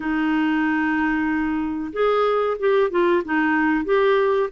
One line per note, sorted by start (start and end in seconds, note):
0.00 1.91 D#4
1.92 2.57 G#4
2.59 2.90 G4
2.90 3.22 F4
3.24 3.84 D#4
3.84 4.49 G4